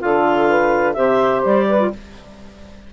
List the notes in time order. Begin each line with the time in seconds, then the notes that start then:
0.00 D3 F4 A4 F5
0.48 B4
0.94 C3 G4 C5 E5
1.45 G3 D5
1.67 B4
1.79 F4